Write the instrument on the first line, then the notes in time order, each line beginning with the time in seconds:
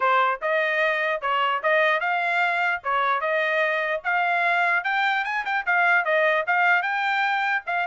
trumpet
0.00 C5
0.41 D#5
1.21 C#5
1.63 D#5
2.00 F5
2.83 C#5
3.20 D#5
4.03 F5
4.84 G5
5.24 G#5
5.45 G5
5.66 F5
6.04 D#5
6.46 F5
6.82 G5
7.66 F5